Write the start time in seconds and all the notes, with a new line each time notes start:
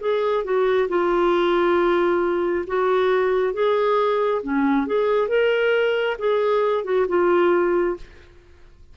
0.00 G#4
0.44 F#4
0.88 F4
2.66 F#4
3.53 G#4
4.42 C#4
4.86 G#4
5.28 A#4
6.18 G#4
6.84 F#4
7.08 F4